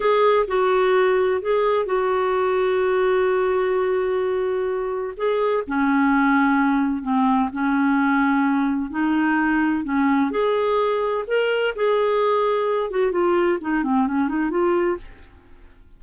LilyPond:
\new Staff \with { instrumentName = "clarinet" } { \time 4/4 \tempo 4 = 128 gis'4 fis'2 gis'4 | fis'1~ | fis'2. gis'4 | cis'2. c'4 |
cis'2. dis'4~ | dis'4 cis'4 gis'2 | ais'4 gis'2~ gis'8 fis'8 | f'4 dis'8 c'8 cis'8 dis'8 f'4 | }